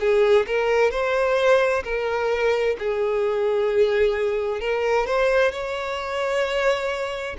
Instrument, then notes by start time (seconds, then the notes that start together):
violin
0.00 G#4
0.47 A#4
0.91 C5
1.84 A#4
2.79 G#4
4.60 A#4
5.06 C5
5.52 C#5